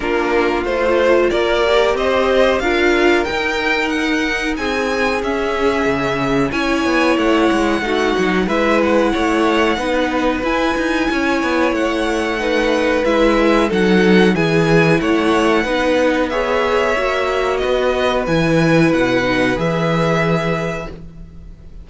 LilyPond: <<
  \new Staff \with { instrumentName = "violin" } { \time 4/4 \tempo 4 = 92 ais'4 c''4 d''4 dis''4 | f''4 g''4 fis''4 gis''4 | e''2 gis''4 fis''4~ | fis''4 e''8 fis''2~ fis''8 |
gis''2 fis''2 | e''4 fis''4 gis''4 fis''4~ | fis''4 e''2 dis''4 | gis''4 fis''4 e''2 | }
  \new Staff \with { instrumentName = "violin" } { \time 4/4 f'2 ais'4 c''4 | ais'2. gis'4~ | gis'2 cis''2 | fis'4 b'4 cis''4 b'4~ |
b'4 cis''2 b'4~ | b'4 a'4 gis'4 cis''4 | b'4 cis''2 b'4~ | b'1 | }
  \new Staff \with { instrumentName = "viola" } { \time 4/4 d'4 f'4. g'4. | f'4 dis'2. | cis'2 e'2 | dis'4 e'2 dis'4 |
e'2. dis'4 | e'4 dis'4 e'2 | dis'4 gis'4 fis'2 | e'4. dis'8 gis'2 | }
  \new Staff \with { instrumentName = "cello" } { \time 4/4 ais4 a4 ais4 c'4 | d'4 dis'2 c'4 | cis'4 cis4 cis'8 b8 a8 gis8 | a8 fis8 gis4 a4 b4 |
e'8 dis'8 cis'8 b8 a2 | gis4 fis4 e4 a4 | b2 ais4 b4 | e4 b,4 e2 | }
>>